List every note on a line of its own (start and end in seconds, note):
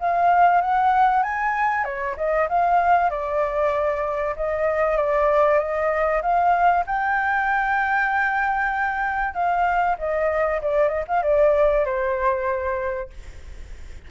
0.00 0.62 F5
0.62 1.23 F#5
1.23 1.85 G#5
1.85 2.16 C#5
2.17 2.48 D#5
2.49 3.11 F5
3.11 4.36 D5
4.36 4.97 D#5
4.97 5.59 D5
5.59 6.22 D#5
6.22 6.85 F5
6.87 9.34 G5
9.34 9.97 F5
9.99 10.61 D#5
10.62 10.89 D5
10.89 11.05 D#5
11.08 11.23 F5
11.23 11.86 D5
11.86 13.11 C5